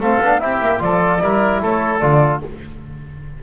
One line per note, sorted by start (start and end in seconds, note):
0.00 0.20 A3
0.00 0.23 C4
0.00 0.41 A4
0.00 0.40 F5
0.21 0.41 B3
0.21 0.41 D4
0.40 0.61 C4
0.40 0.79 E4
0.40 0.83 G4
0.40 0.81 E5
0.61 0.81 A#3
0.79 1.22 F3
0.79 1.19 F4
0.79 1.23 A4
0.79 1.62 D5
1.20 1.62 G3
1.20 2.00 E4
1.20 1.63 A#4
1.63 2.03 A3
1.63 2.43 A4
1.63 2.00 C#5
2.00 2.43 D3
2.00 2.42 F4
2.00 2.40 D5